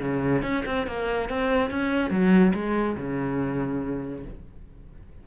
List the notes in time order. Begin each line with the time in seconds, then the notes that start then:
0.00 C#3
0.43 C#4
0.66 C4
0.87 A#3
1.30 C4
1.71 C#4
2.11 F#3
2.54 G#3
2.97 C#3